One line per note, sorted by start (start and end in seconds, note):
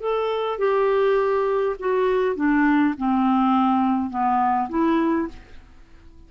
0.00 0.58 A4
0.58 1.76 G4
1.79 2.36 F#4
2.36 2.94 D4
2.98 4.10 C4
4.10 4.68 B3
4.69 5.28 E4